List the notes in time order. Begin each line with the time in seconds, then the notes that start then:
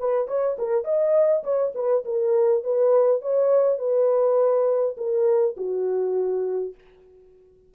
0.00 B4
0.28 C#5
0.59 A#4
0.84 D#5
1.44 C#5
1.75 B4
2.05 A#4
2.64 B4
3.22 C#5
3.79 B4
4.97 A#4
5.57 F#4